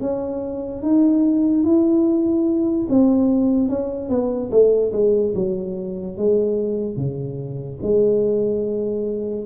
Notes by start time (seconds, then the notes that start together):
0.00 C#4
0.81 D#4
1.64 E4
2.89 C4
3.68 C#4
4.09 B3
4.51 A3
4.92 G#3
5.35 F#3
6.17 G#3
6.96 C#3
7.82 G#3